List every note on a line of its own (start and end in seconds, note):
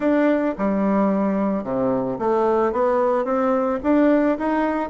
0.00 0.55 D4
0.58 1.63 G3
1.63 2.18 C3
2.18 2.72 A3
2.72 3.25 B3
3.25 3.79 C4
3.83 4.38 D4
4.38 4.89 D#4